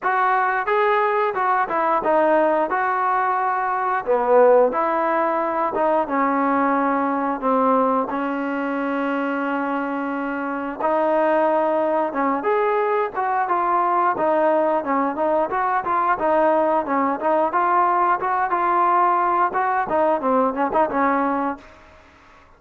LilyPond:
\new Staff \with { instrumentName = "trombone" } { \time 4/4 \tempo 4 = 89 fis'4 gis'4 fis'8 e'8 dis'4 | fis'2 b4 e'4~ | e'8 dis'8 cis'2 c'4 | cis'1 |
dis'2 cis'8 gis'4 fis'8 | f'4 dis'4 cis'8 dis'8 fis'8 f'8 | dis'4 cis'8 dis'8 f'4 fis'8 f'8~ | f'4 fis'8 dis'8 c'8 cis'16 dis'16 cis'4 | }